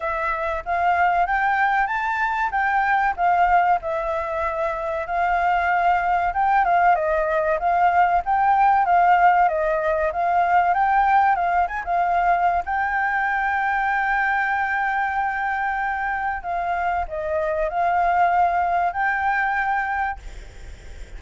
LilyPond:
\new Staff \with { instrumentName = "flute" } { \time 4/4 \tempo 4 = 95 e''4 f''4 g''4 a''4 | g''4 f''4 e''2 | f''2 g''8 f''8 dis''4 | f''4 g''4 f''4 dis''4 |
f''4 g''4 f''8 gis''16 f''4~ f''16 | g''1~ | g''2 f''4 dis''4 | f''2 g''2 | }